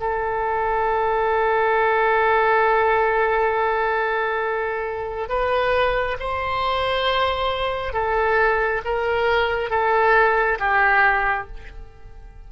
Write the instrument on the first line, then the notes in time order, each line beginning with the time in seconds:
oboe
0.00 A4
5.29 B4
6.19 C5
7.93 A4
8.85 A#4
9.70 A4
10.59 G4